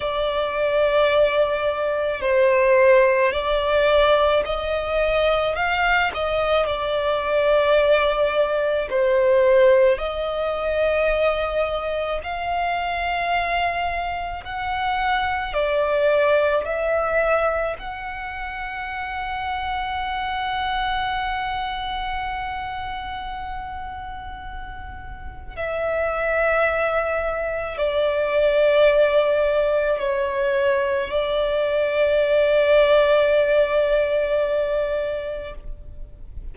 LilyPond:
\new Staff \with { instrumentName = "violin" } { \time 4/4 \tempo 4 = 54 d''2 c''4 d''4 | dis''4 f''8 dis''8 d''2 | c''4 dis''2 f''4~ | f''4 fis''4 d''4 e''4 |
fis''1~ | fis''2. e''4~ | e''4 d''2 cis''4 | d''1 | }